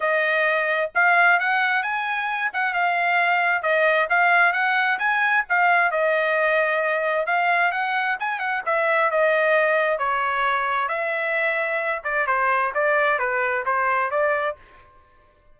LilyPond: \new Staff \with { instrumentName = "trumpet" } { \time 4/4 \tempo 4 = 132 dis''2 f''4 fis''4 | gis''4. fis''8 f''2 | dis''4 f''4 fis''4 gis''4 | f''4 dis''2. |
f''4 fis''4 gis''8 fis''8 e''4 | dis''2 cis''2 | e''2~ e''8 d''8 c''4 | d''4 b'4 c''4 d''4 | }